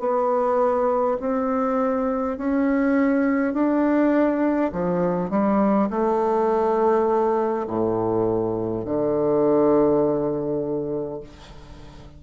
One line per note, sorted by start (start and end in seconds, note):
0.00 1.18 B3
1.20 2.37 C4
2.38 3.54 C#4
3.54 4.72 D4
4.73 5.30 F3
5.30 5.89 G3
5.90 7.67 A3
7.67 8.85 A2
8.86 11.21 D3